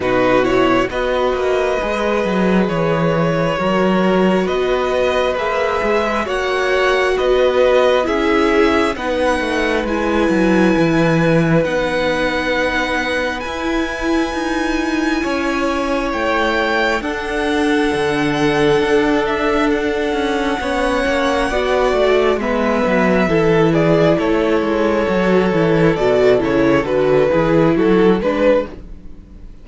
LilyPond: <<
  \new Staff \with { instrumentName = "violin" } { \time 4/4 \tempo 4 = 67 b'8 cis''8 dis''2 cis''4~ | cis''4 dis''4 e''4 fis''4 | dis''4 e''4 fis''4 gis''4~ | gis''4 fis''2 gis''4~ |
gis''2 g''4 fis''4~ | fis''4. e''8 fis''2~ | fis''4 e''4. d''8 cis''4~ | cis''4 d''8 cis''8 b'4 a'8 b'8 | }
  \new Staff \with { instrumentName = "violin" } { \time 4/4 fis'4 b'2. | ais'4 b'2 cis''4 | b'4 gis'4 b'2~ | b'1~ |
b'4 cis''2 a'4~ | a'2. cis''4 | d''4 b'4 a'8 gis'8 a'4~ | a'2~ a'8 gis'8 fis'8 b'8 | }
  \new Staff \with { instrumentName = "viola" } { \time 4/4 dis'8 e'8 fis'4 gis'2 | fis'2 gis'4 fis'4~ | fis'4 e'4 dis'4 e'4~ | e'4 dis'2 e'4~ |
e'2. d'4~ | d'2. cis'4 | fis'4 b4 e'2 | fis'8 e'8 fis'8 e'8 fis'8 e'4 d'8 | }
  \new Staff \with { instrumentName = "cello" } { \time 4/4 b,4 b8 ais8 gis8 fis8 e4 | fis4 b4 ais8 gis8 ais4 | b4 cis'4 b8 a8 gis8 fis8 | e4 b2 e'4 |
dis'4 cis'4 a4 d'4 | d4 d'4. cis'8 b8 ais8 | b8 a8 gis8 fis8 e4 a8 gis8 | fis8 e8 b,8 cis8 d8 e8 fis8 gis8 | }
>>